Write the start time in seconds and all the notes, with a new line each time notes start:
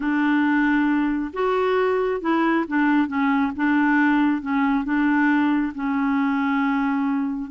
0.00 D4
1.33 F#4
2.21 E4
2.67 D4
3.07 C#4
3.56 D4
4.41 C#4
4.84 D4
5.75 C#4